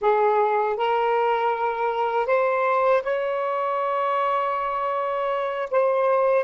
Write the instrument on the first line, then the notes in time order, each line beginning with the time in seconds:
saxophone
0.01 G#4
0.76 A#4
2.26 C5
3.02 C#5
5.70 C5